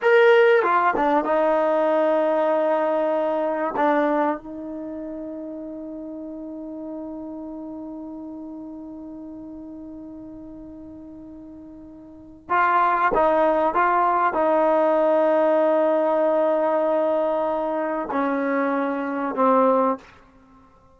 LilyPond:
\new Staff \with { instrumentName = "trombone" } { \time 4/4 \tempo 4 = 96 ais'4 f'8 d'8 dis'2~ | dis'2 d'4 dis'4~ | dis'1~ | dis'1~ |
dis'1 | f'4 dis'4 f'4 dis'4~ | dis'1~ | dis'4 cis'2 c'4 | }